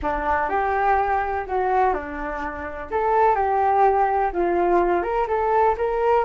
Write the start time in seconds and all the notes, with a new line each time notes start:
0.02 D4
0.49 G4
1.47 F#4
1.93 D4
2.90 A4
3.35 G4
4.32 F4
5.02 A#4
5.27 A4
5.77 A#4